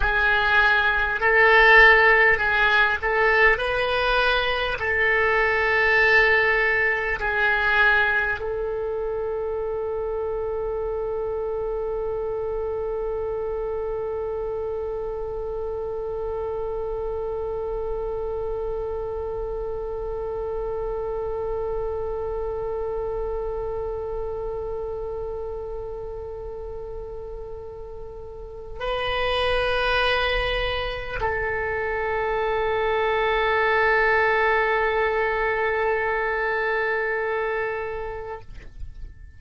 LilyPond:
\new Staff \with { instrumentName = "oboe" } { \time 4/4 \tempo 4 = 50 gis'4 a'4 gis'8 a'8 b'4 | a'2 gis'4 a'4~ | a'1~ | a'1~ |
a'1~ | a'1 | b'2 a'2~ | a'1 | }